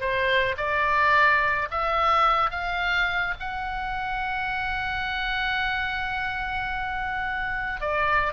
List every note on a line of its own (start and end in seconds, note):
0.00 0.56 C5
0.57 1.68 D5
1.70 2.51 E5
2.51 3.34 F5
3.39 7.81 F#5
7.81 8.33 D5